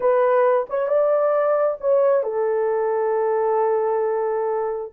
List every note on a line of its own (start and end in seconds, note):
0.00 0.67 B4
0.69 0.88 C#5
0.88 1.77 D5
1.80 2.23 C#5
2.23 4.92 A4